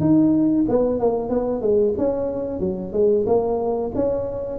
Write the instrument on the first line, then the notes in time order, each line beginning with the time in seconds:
tuba
0.00 D#4
0.68 B3
1.00 A#3
1.29 B3
1.61 G#3
1.97 C#4
2.59 F#3
2.92 G#3
3.26 A#3
3.95 C#4